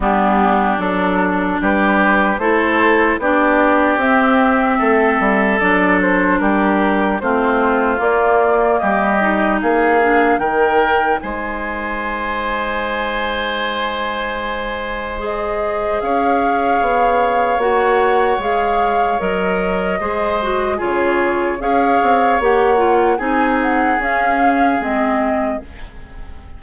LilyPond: <<
  \new Staff \with { instrumentName = "flute" } { \time 4/4 \tempo 4 = 75 g'4 a'4 b'4 c''4 | d''4 e''2 d''8 c''8 | ais'4 c''4 d''4 dis''4 | f''4 g''4 gis''2~ |
gis''2. dis''4 | f''2 fis''4 f''4 | dis''2 cis''4 f''4 | fis''4 gis''8 fis''8 f''4 dis''4 | }
  \new Staff \with { instrumentName = "oboe" } { \time 4/4 d'2 g'4 a'4 | g'2 a'2 | g'4 f'2 g'4 | gis'4 ais'4 c''2~ |
c''1 | cis''1~ | cis''4 c''4 gis'4 cis''4~ | cis''4 gis'2. | }
  \new Staff \with { instrumentName = "clarinet" } { \time 4/4 b4 d'2 e'4 | d'4 c'2 d'4~ | d'4 c'4 ais4. dis'8~ | dis'8 d'8 dis'2.~ |
dis'2. gis'4~ | gis'2 fis'4 gis'4 | ais'4 gis'8 fis'8 f'4 gis'4 | g'8 f'8 dis'4 cis'4 c'4 | }
  \new Staff \with { instrumentName = "bassoon" } { \time 4/4 g4 fis4 g4 a4 | b4 c'4 a8 g8 fis4 | g4 a4 ais4 g4 | ais4 dis4 gis2~ |
gis1 | cis'4 b4 ais4 gis4 | fis4 gis4 cis4 cis'8 c'8 | ais4 c'4 cis'4 gis4 | }
>>